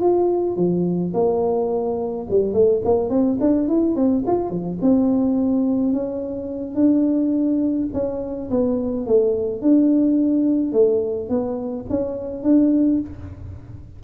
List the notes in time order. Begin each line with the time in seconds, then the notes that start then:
0.00 F4
0.56 F3
1.13 A#3
2.30 G3
2.53 A3
2.84 A#3
3.09 C4
3.40 D4
3.68 E4
3.95 C4
4.26 F4
4.49 F3
4.81 C4
5.93 C#4
6.75 D4
7.93 C#4
8.50 B3
9.06 A3
9.61 D4
10.72 A3
11.29 B3
11.89 C#4
12.43 D4